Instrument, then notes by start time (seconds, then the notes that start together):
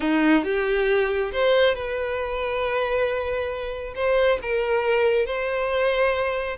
violin
0.00 D#4
0.44 G4
1.32 C5
1.74 B4
3.95 C5
4.42 A#4
5.26 C5